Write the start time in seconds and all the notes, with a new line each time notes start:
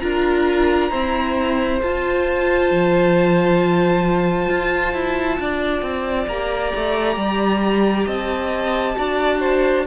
0.00 D4 F4 A#4 A#5
0.90 C4 E4 C5
1.82 F4 A5
2.71 F3
4.49 F4
4.94 E4
5.39 D4 D5
5.82 C4
6.27 A#3 G4 A#5
6.75 A3
7.16 G3
8.06 C4 D#5 A5
8.96 D4 F#4 D5
9.40 C5